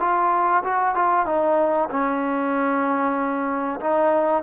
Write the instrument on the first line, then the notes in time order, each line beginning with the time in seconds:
trombone
0.00 F4
0.64 F#4
0.96 F4
1.26 D#4
1.90 C#4
3.80 D#4